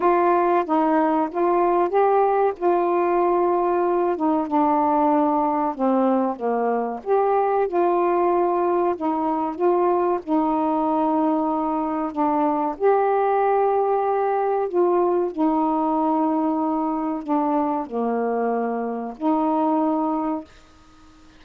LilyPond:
\new Staff \with { instrumentName = "saxophone" } { \time 4/4 \tempo 4 = 94 f'4 dis'4 f'4 g'4 | f'2~ f'8 dis'8 d'4~ | d'4 c'4 ais4 g'4 | f'2 dis'4 f'4 |
dis'2. d'4 | g'2. f'4 | dis'2. d'4 | ais2 dis'2 | }